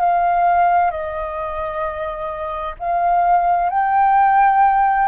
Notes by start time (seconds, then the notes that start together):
0.00 F5
0.91 D#5
2.80 F5
3.70 G5